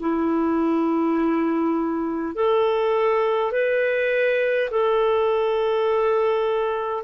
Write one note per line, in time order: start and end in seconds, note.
0.00 2.35 E4
2.35 3.52 A4
3.52 4.70 B4
4.71 7.04 A4